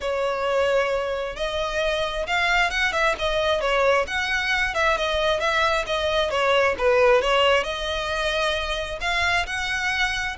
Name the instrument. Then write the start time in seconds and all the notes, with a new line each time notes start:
violin
0.00 C#5
1.36 D#5
2.26 F5
2.70 F#5
2.92 E5
3.18 D#5
3.60 C#5
4.07 F#5
4.74 E5
4.97 D#5
5.40 E5
5.86 D#5
6.30 C#5
6.78 B4
7.21 C#5
7.63 D#5
9.00 F5
9.46 F#5